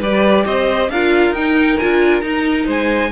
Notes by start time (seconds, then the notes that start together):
0.00 G3 G4 B4 D5
0.46 C4 C5 D#5
0.90 D4 F4 A#4 F5
1.31 D#4 G5
1.79 D4 F4 G#5
2.22 D#4 A#5
2.66 G#3 C5 G#5